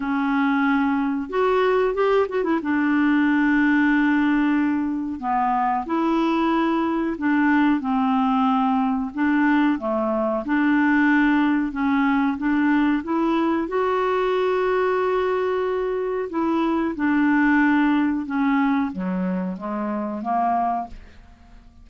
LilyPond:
\new Staff \with { instrumentName = "clarinet" } { \time 4/4 \tempo 4 = 92 cis'2 fis'4 g'8 fis'16 e'16 | d'1 | b4 e'2 d'4 | c'2 d'4 a4 |
d'2 cis'4 d'4 | e'4 fis'2.~ | fis'4 e'4 d'2 | cis'4 fis4 gis4 ais4 | }